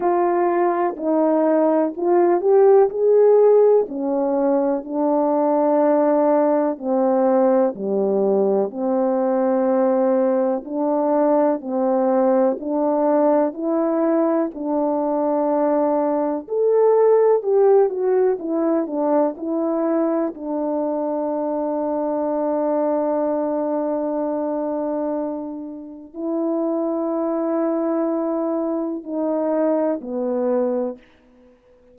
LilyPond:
\new Staff \with { instrumentName = "horn" } { \time 4/4 \tempo 4 = 62 f'4 dis'4 f'8 g'8 gis'4 | cis'4 d'2 c'4 | g4 c'2 d'4 | c'4 d'4 e'4 d'4~ |
d'4 a'4 g'8 fis'8 e'8 d'8 | e'4 d'2.~ | d'2. e'4~ | e'2 dis'4 b4 | }